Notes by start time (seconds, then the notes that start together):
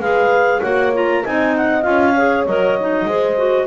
0.00 G#3 G#4 B4 F5
0.62 A#3 F#4 C#5 F#5
0.94 F4 A#5
1.25 C4 D#4 D#5 G#5
1.57 F#5
1.83 C#4 F4 F5
2.14 G#4 C#5
2.46 F#3 A#4 D#5
2.81 D#4
3.06 G#3 G#4 C5
3.38 F#4